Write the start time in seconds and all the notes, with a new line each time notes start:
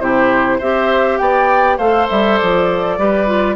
0.00 C3 E4 G4 C5
0.58 C4 G4 C5 E5
1.17 B3 D5 G5
1.77 A3 A4 C5 F5
2.09 G3 E5
2.37 F3 D5
2.98 G3 G4 B4
3.26 F4